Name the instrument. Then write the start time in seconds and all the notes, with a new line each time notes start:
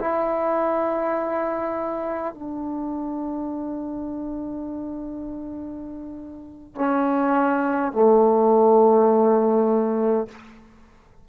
trombone
0.00 E4
2.34 D4
6.75 C#4
7.93 A3